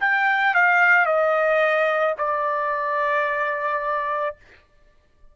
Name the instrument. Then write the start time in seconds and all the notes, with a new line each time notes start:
trumpet
0.00 G5
0.55 F5
1.06 D#5
2.18 D5